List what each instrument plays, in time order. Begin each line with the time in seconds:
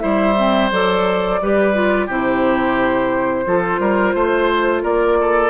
0.00 bassoon G3, clarinet E4, oboe C5, flute E5
0.37 clarinet C4
0.72 bassoon F#3, clarinet A4, flute D5
1.42 bassoon G3, clarinet G4, oboe B4
1.74 clarinet F4
2.07 bassoon C3, clarinet E4, oboe G4, flute C5
3.46 bassoon F3, clarinet F4, oboe A4
3.80 bassoon G3, oboe A#4
4.15 bassoon A3, oboe C5
4.83 bassoon A#3, oboe A#4, flute D5
5.21 oboe A4